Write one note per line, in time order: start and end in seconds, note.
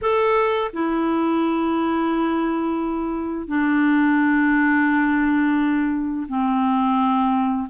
0.01 0.71 A4
0.73 3.47 E4
3.47 6.26 D4
6.28 7.67 C4